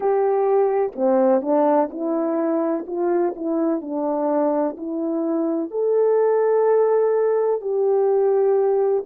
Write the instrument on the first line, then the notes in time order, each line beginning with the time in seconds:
horn
0.00 G4
0.95 C4
1.41 D4
1.90 E4
2.87 F4
3.35 E4
3.81 D4
4.77 E4
5.71 A4
7.61 G4